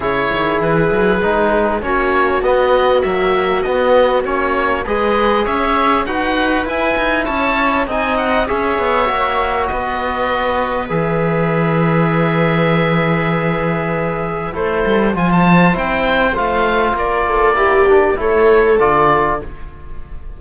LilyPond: <<
  \new Staff \with { instrumentName = "oboe" } { \time 4/4 \tempo 4 = 99 cis''4 b'2 cis''4 | dis''4 e''4 dis''4 cis''4 | dis''4 e''4 fis''4 gis''4 | a''4 gis''8 fis''8 e''2 |
dis''2 e''2~ | e''1 | c''4 gis''16 a''8. g''4 f''4 | d''2 cis''4 d''4 | }
  \new Staff \with { instrumentName = "viola" } { \time 4/4 gis'2. fis'4~ | fis'1 | b'4 cis''4 b'2 | cis''4 dis''4 cis''2 |
b'1~ | b'1 | a'4 c''2. | ais'8 a'8 g'4 a'2 | }
  \new Staff \with { instrumentName = "trombone" } { \time 4/4 e'2 dis'4 cis'4 | b4 fis4 b4 cis'4 | gis'2 fis'4 e'4~ | e'4 dis'4 gis'4 fis'4~ |
fis'2 gis'2~ | gis'1 | e'4 f'4 e'4 f'4~ | f'4 e'8 d'8 e'4 f'4 | }
  \new Staff \with { instrumentName = "cello" } { \time 4/4 cis8 dis8 e8 fis8 gis4 ais4 | b4 ais4 b4 ais4 | gis4 cis'4 dis'4 e'8 dis'8 | cis'4 c'4 cis'8 b8 ais4 |
b2 e2~ | e1 | a8 g8 f4 c'4 a4 | ais2 a4 d4 | }
>>